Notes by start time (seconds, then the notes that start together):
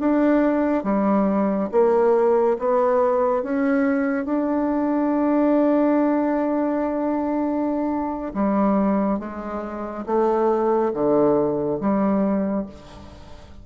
0.00 D4
0.84 G3
1.72 A#3
2.59 B3
3.43 C#4
4.25 D4
8.34 G3
9.19 G#3
10.06 A3
10.94 D3
11.81 G3